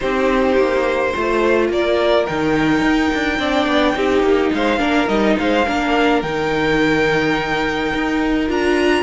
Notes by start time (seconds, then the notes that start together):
0.00 C4 D#4 G4 C5
0.56 A#3
1.11 A3 F4 C5
1.69 A#3 A#4 D5
2.26 D#3 D#4 G5
2.81 D#4
3.14 D4
3.39 C4 D4 D5
3.67 B3
3.95 C4 D#4 G4
4.22 A#3
4.53 G#3 C5 F5
4.78 A#3 D4 A#4
5.07 G3 D#4 D#5
5.38 G#3 C5 F5
5.66 A#3 D4 A#4
6.22 D#3 D#4 G5
7.94 D#4
8.48 D4 F4 A#5